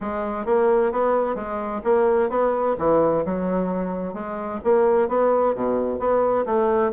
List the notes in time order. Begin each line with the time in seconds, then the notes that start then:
0.00 G#3
0.45 A#3
0.92 B3
1.35 G#3
1.84 A#3
2.29 B3
2.78 E3
3.25 F#3
4.13 G#3
4.64 A#3
5.08 B3
5.54 B2
5.99 B3
6.45 A3